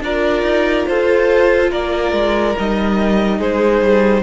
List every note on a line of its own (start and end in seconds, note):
0.00 0.42 D4
0.00 2.56 F4
0.00 0.88 A#4
0.00 0.86 D5
0.42 0.84 D#4
0.86 1.71 F4
0.86 1.71 A4
0.86 1.71 C5
1.71 2.12 A#3
1.71 3.38 A#4
1.71 2.56 D5
2.12 2.54 G#3
2.57 3.39 G3
2.57 4.23 D#4
2.57 3.40 D#5
3.38 3.81 G#3
3.38 4.22 G#4
3.38 4.23 C5
3.81 4.23 G3